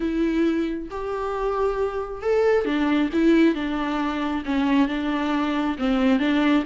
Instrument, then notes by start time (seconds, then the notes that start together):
viola
0.00 E4
0.90 G4
2.22 A4
2.65 D4
3.12 E4
3.54 D4
4.45 C#4
4.88 D4
5.78 C4
6.19 D4